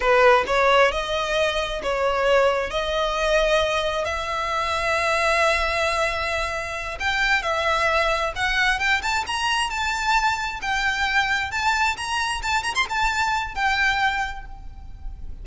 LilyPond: \new Staff \with { instrumentName = "violin" } { \time 4/4 \tempo 4 = 133 b'4 cis''4 dis''2 | cis''2 dis''2~ | dis''4 e''2.~ | e''2.~ e''8 g''8~ |
g''8 e''2 fis''4 g''8 | a''8 ais''4 a''2 g''8~ | g''4. a''4 ais''4 a''8 | ais''16 c'''16 a''4. g''2 | }